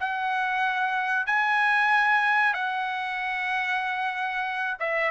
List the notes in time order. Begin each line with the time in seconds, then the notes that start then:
0.00 F#5
1.26 G#5
2.54 F#5
4.79 E5